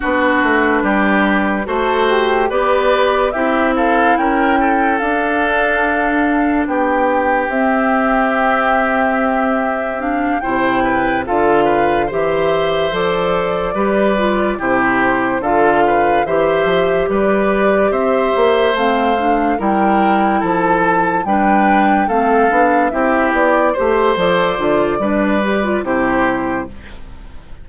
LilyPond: <<
  \new Staff \with { instrumentName = "flute" } { \time 4/4 \tempo 4 = 72 b'2 a'8 g'8 d''4 | e''8 f''8 g''4 f''2 | g''4 e''2. | f''8 g''4 f''4 e''4 d''8~ |
d''4. c''4 f''4 e''8~ | e''8 d''4 e''4 f''4 g''8~ | g''8 a''4 g''4 f''4 e''8 | d''8 c''8 d''2 c''4 | }
  \new Staff \with { instrumentName = "oboe" } { \time 4/4 fis'4 g'4 c''4 b'4 | g'8 a'8 ais'8 a'2~ a'8 | g'1~ | g'8 c''8 b'8 a'8 b'8 c''4.~ |
c''8 b'4 g'4 a'8 b'8 c''8~ | c''8 b'4 c''2 ais'8~ | ais'8 a'4 b'4 a'4 g'8~ | g'8 c''4. b'4 g'4 | }
  \new Staff \with { instrumentName = "clarinet" } { \time 4/4 d'2 fis'4 g'4 | e'2 d'2~ | d'4 c'2. | d'8 e'4 f'4 g'4 a'8~ |
a'8 g'8 f'8 e'4 f'4 g'8~ | g'2~ g'8 c'8 d'8 e'8~ | e'4. d'4 c'8 d'8 e'8~ | e'8 g'8 a'8 f'8 d'8 g'16 f'16 e'4 | }
  \new Staff \with { instrumentName = "bassoon" } { \time 4/4 b8 a8 g4 a4 b4 | c'4 cis'4 d'2 | b4 c'2.~ | c'8 c4 d4 e4 f8~ |
f8 g4 c4 d4 e8 | f8 g4 c'8 ais8 a4 g8~ | g8 f4 g4 a8 b8 c'8 | b8 a8 f8 d8 g4 c4 | }
>>